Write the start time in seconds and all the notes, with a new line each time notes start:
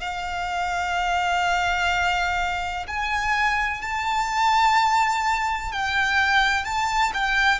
0.00 F5
2.87 G#5
3.81 A5
5.72 G5
6.64 A5
7.13 G5